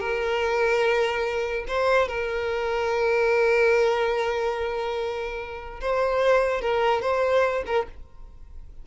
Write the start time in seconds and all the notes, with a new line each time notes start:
0.00 A#4
1.68 C5
2.08 A#4
5.81 C5
6.62 A#4
7.02 C5
7.66 A#4